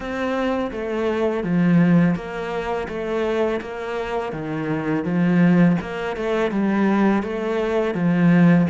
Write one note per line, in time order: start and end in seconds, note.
0.00 0.71 C4
0.71 1.43 A3
1.43 2.15 F3
2.15 2.87 A#3
2.88 3.60 A3
3.61 4.32 A#3
4.32 5.04 D#3
5.04 5.76 F3
5.80 6.16 A#3
6.16 6.51 A3
6.51 7.22 G3
7.22 7.94 A3
7.94 8.66 F3